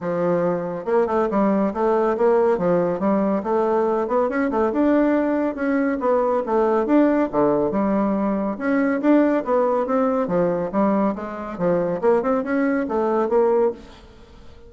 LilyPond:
\new Staff \with { instrumentName = "bassoon" } { \time 4/4 \tempo 4 = 140 f2 ais8 a8 g4 | a4 ais4 f4 g4 | a4. b8 cis'8 a8 d'4~ | d'4 cis'4 b4 a4 |
d'4 d4 g2 | cis'4 d'4 b4 c'4 | f4 g4 gis4 f4 | ais8 c'8 cis'4 a4 ais4 | }